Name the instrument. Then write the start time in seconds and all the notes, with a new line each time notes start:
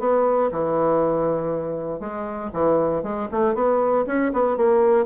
bassoon
0.00 B3
0.52 E3
2.00 G#3
2.54 E3
3.03 G#3
3.32 A3
3.55 B3
4.07 C#4
4.34 B3
4.58 A#3